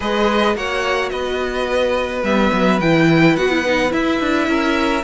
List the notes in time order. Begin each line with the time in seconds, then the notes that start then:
0.00 G#3 G#4 B4 D#5
0.55 A#3 F#4 C#5 F#5
1.09 B3 B4 D#5
2.23 G3 B3 E5
2.52 F#3
2.79 E3 E4 G5
3.36 B3 F#4 F#5
3.50 E4
3.65 D#4
3.88 E4 E5
4.20 D4
4.47 C#4 A#4